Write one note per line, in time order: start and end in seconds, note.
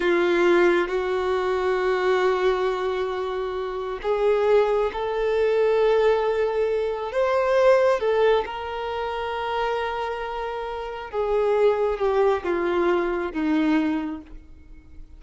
0.00 0.88 F4
0.88 3.99 F#4
4.02 4.91 G#4
4.92 7.12 A4
7.12 8.00 C5
8.00 8.44 A4
8.45 11.11 A#4
11.11 11.98 G#4
11.98 12.43 G4
12.43 13.32 F4
13.32 14.21 D#4